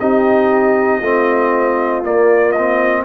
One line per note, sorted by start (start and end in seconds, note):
0.00 1.01 C4
0.00 1.03 D#4
0.00 1.00 G4
0.00 2.03 D#5
1.00 2.03 A3
1.00 2.04 C4
1.00 3.04 F4
2.03 3.05 A#3
2.03 2.55 A#3
2.03 2.52 D5
2.52 3.05 C4
2.52 3.03 D#5